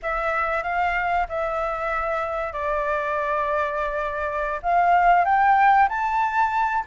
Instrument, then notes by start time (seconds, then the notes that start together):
flute
0.02 E5
0.63 F5
1.29 E5
2.52 D5
4.62 F5
5.24 G5
5.88 A5